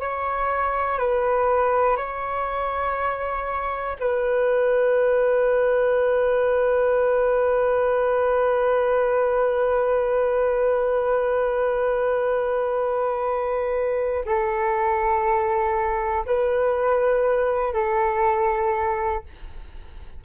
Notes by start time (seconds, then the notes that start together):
0.00 C#5
0.99 B4
1.97 C#5
4.00 B4
14.26 A4
16.26 B4
17.74 A4